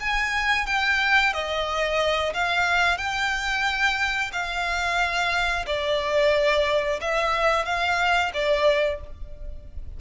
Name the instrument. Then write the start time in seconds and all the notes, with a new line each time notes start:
violin
0.00 G#5
0.67 G5
1.33 D#5
2.34 F5
2.98 G5
4.32 F5
5.67 D5
7.01 E5
7.65 F5
8.34 D5